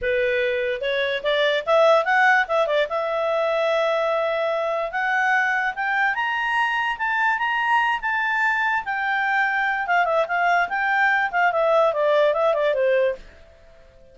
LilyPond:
\new Staff \with { instrumentName = "clarinet" } { \time 4/4 \tempo 4 = 146 b'2 cis''4 d''4 | e''4 fis''4 e''8 d''8 e''4~ | e''1 | fis''2 g''4 ais''4~ |
ais''4 a''4 ais''4. a''8~ | a''4. g''2~ g''8 | f''8 e''8 f''4 g''4. f''8 | e''4 d''4 e''8 d''8 c''4 | }